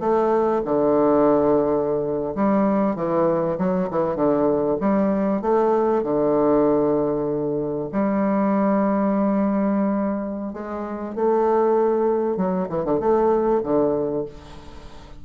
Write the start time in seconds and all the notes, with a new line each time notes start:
0.00 A3
0.65 D3
2.35 G3
2.96 E3
3.58 F#3
3.91 E3
4.16 D3
4.81 G3
5.42 A3
6.03 D3
7.92 G3
10.53 G#3
11.15 A3
12.37 F#3
12.69 E3
12.85 D3
13.00 A3
13.63 D3